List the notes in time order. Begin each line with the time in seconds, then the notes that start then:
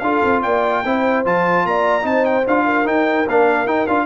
0.00 D4 F4 A4 F5
0.25 C4
0.43 A#3 D5 G5
0.85 C4 E4 C5
1.26 F3 F4 A5
1.66 A#3 D5 A#5
2.02 C4 D#4 C5 A5
2.26 G5
2.47 D4 F4 F5
2.65 A#4
2.85 D#4 G5
3.28 A#3 D4 F5
3.66 D#4 G5
3.87 D4 F4 F5